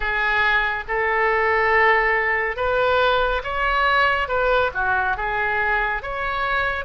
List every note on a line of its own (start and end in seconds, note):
0.00 0.84 G#4
0.88 2.56 A4
2.56 3.42 B4
3.43 4.27 C#5
4.27 4.70 B4
4.74 5.17 F#4
5.17 6.02 G#4
6.02 6.84 C#5